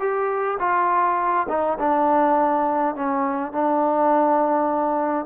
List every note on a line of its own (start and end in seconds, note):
0.00 0.58 G4
0.60 1.47 F4
1.49 1.78 D#4
1.80 2.96 D4
2.96 3.53 C#4
3.53 5.26 D4